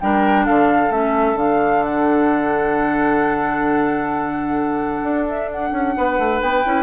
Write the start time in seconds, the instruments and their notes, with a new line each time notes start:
0.00 bassoon G3, clarinet D4, oboe A#4, flute G5
0.46 bassoon D3, oboe A4, flute F5
0.90 bassoon A3, clarinet C#4, flute E5
1.35 bassoon D3, clarinet D4, flute F5
1.84 flute F#5
5.03 bassoon D4
5.28 flute E5
5.51 flute F#5
5.72 bassoon C#4
5.98 bassoon B3, oboe B4
6.19 bassoon A3
6.42 bassoon B3, flute G5
6.65 bassoon C#4, clarinet E4